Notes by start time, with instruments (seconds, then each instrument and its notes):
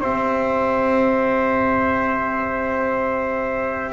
0.00 double bass C4, cello G4, trumpet C5 E5